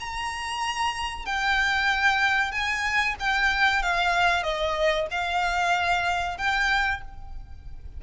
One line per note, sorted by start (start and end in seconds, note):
0.00 1.25 A#5
1.25 2.51 G5
2.51 3.15 G#5
3.19 3.82 G5
3.82 4.43 F5
4.43 5.07 D#5
5.11 6.37 F5
6.37 7.01 G5